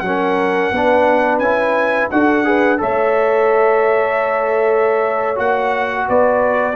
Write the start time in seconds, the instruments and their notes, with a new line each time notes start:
0.00 tuba F#3, trombone C#4, trumpet F#5
0.07 horn A#4
0.72 tuba B3, trombone D4, horn B4
1.39 tuba C#4, trombone E4, trumpet G#5
2.11 tuba D4, trombone F#4, horn A4, trumpet F#5
2.45 trombone G#4, horn B4
2.79 tuba A3, trombone A4, horn C#5, trumpet E5
5.36 tuba A#3, trombone F#4, trumpet F#5
6.08 tuba B3, horn B4, trumpet D5